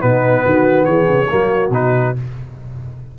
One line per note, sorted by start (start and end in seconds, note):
0.00 0.45 B2
0.00 1.27 B3
0.00 0.45 D#4
0.00 0.85 B4
0.45 0.87 D#3
0.45 0.86 F#4
0.85 1.08 E3
0.85 1.29 G#4
0.85 1.69 C#5
1.08 1.29 C#3
1.29 1.70 F#3
1.29 1.71 A#3
1.29 2.18 F#4
1.70 2.12 B2
1.70 2.15 D#4
1.70 2.16 B4